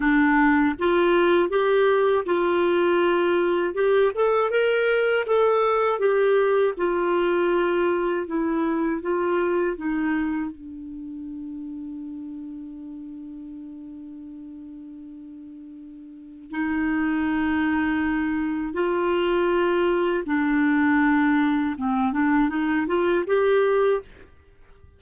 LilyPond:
\new Staff \with { instrumentName = "clarinet" } { \time 4/4 \tempo 4 = 80 d'4 f'4 g'4 f'4~ | f'4 g'8 a'8 ais'4 a'4 | g'4 f'2 e'4 | f'4 dis'4 d'2~ |
d'1~ | d'2 dis'2~ | dis'4 f'2 d'4~ | d'4 c'8 d'8 dis'8 f'8 g'4 | }